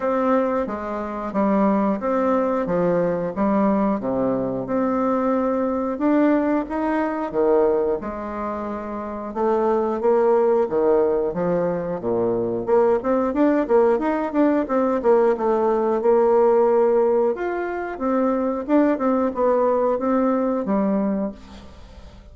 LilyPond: \new Staff \with { instrumentName = "bassoon" } { \time 4/4 \tempo 4 = 90 c'4 gis4 g4 c'4 | f4 g4 c4 c'4~ | c'4 d'4 dis'4 dis4 | gis2 a4 ais4 |
dis4 f4 ais,4 ais8 c'8 | d'8 ais8 dis'8 d'8 c'8 ais8 a4 | ais2 f'4 c'4 | d'8 c'8 b4 c'4 g4 | }